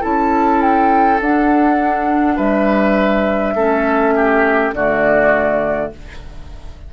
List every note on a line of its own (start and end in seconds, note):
0.00 1.20 C#4
0.00 1.19 E4
0.00 2.35 A4
0.00 0.61 A5
0.61 1.20 G5
1.20 2.37 D4
1.20 3.57 D4
1.20 2.37 F#5
2.36 3.54 G3
2.36 3.54 B4
2.36 4.73 E5
3.54 4.72 A3
3.54 4.75 C#4
3.54 4.14 A4
4.15 4.74 G4
4.72 5.90 D3
4.72 5.93 A3
4.72 5.93 F#4
4.72 5.92 D5